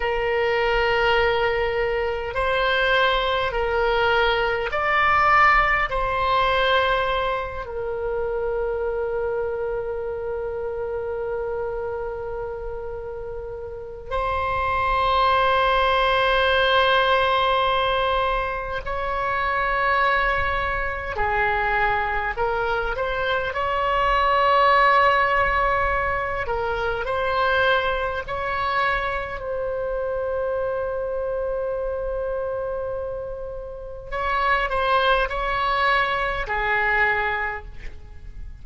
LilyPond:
\new Staff \with { instrumentName = "oboe" } { \time 4/4 \tempo 4 = 51 ais'2 c''4 ais'4 | d''4 c''4. ais'4.~ | ais'1 | c''1 |
cis''2 gis'4 ais'8 c''8 | cis''2~ cis''8 ais'8 c''4 | cis''4 c''2.~ | c''4 cis''8 c''8 cis''4 gis'4 | }